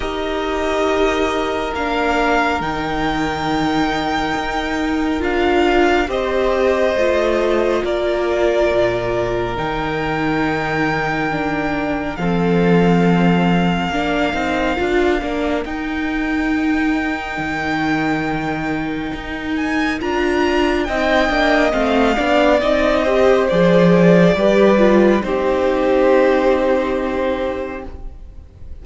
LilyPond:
<<
  \new Staff \with { instrumentName = "violin" } { \time 4/4 \tempo 4 = 69 dis''2 f''4 g''4~ | g''2 f''4 dis''4~ | dis''4 d''2 g''4~ | g''2 f''2~ |
f''2 g''2~ | g''2~ g''8 gis''8 ais''4 | g''4 f''4 dis''4 d''4~ | d''4 c''2. | }
  \new Staff \with { instrumentName = "violin" } { \time 4/4 ais'1~ | ais'2. c''4~ | c''4 ais'2.~ | ais'2 a'2 |
ais'1~ | ais'1 | dis''4. d''4 c''4. | b'4 g'2. | }
  \new Staff \with { instrumentName = "viola" } { \time 4/4 g'2 d'4 dis'4~ | dis'2 f'4 g'4 | f'2. dis'4~ | dis'4 d'4 c'2 |
d'8 dis'8 f'8 d'8 dis'2~ | dis'2. f'4 | dis'8 d'8 c'8 d'8 dis'8 g'8 gis'4 | g'8 f'8 dis'2. | }
  \new Staff \with { instrumentName = "cello" } { \time 4/4 dis'2 ais4 dis4~ | dis4 dis'4 d'4 c'4 | a4 ais4 ais,4 dis4~ | dis2 f2 |
ais8 c'8 d'8 ais8 dis'2 | dis2 dis'4 d'4 | c'8 ais8 a8 b8 c'4 f4 | g4 c'2. | }
>>